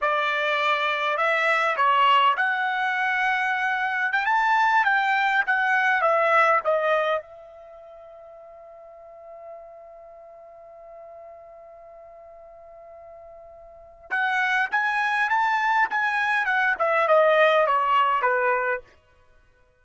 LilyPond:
\new Staff \with { instrumentName = "trumpet" } { \time 4/4 \tempo 4 = 102 d''2 e''4 cis''4 | fis''2. g''16 a''8.~ | a''16 g''4 fis''4 e''4 dis''8.~ | dis''16 e''2.~ e''8.~ |
e''1~ | e''1 | fis''4 gis''4 a''4 gis''4 | fis''8 e''8 dis''4 cis''4 b'4 | }